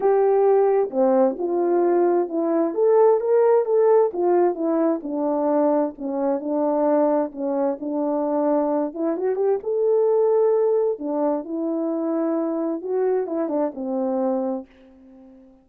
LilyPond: \new Staff \with { instrumentName = "horn" } { \time 4/4 \tempo 4 = 131 g'2 c'4 f'4~ | f'4 e'4 a'4 ais'4 | a'4 f'4 e'4 d'4~ | d'4 cis'4 d'2 |
cis'4 d'2~ d'8 e'8 | fis'8 g'8 a'2. | d'4 e'2. | fis'4 e'8 d'8 c'2 | }